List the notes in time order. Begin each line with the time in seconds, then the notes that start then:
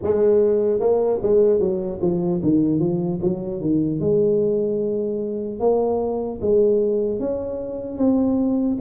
0.02 G#3
0.80 A#3
1.22 G#3
1.59 F#3
2.01 F3
2.42 D#3
2.79 F3
3.21 F#3
3.60 D#3
4.00 G#3
5.59 A#3
6.41 G#3
7.19 C#4
7.97 C4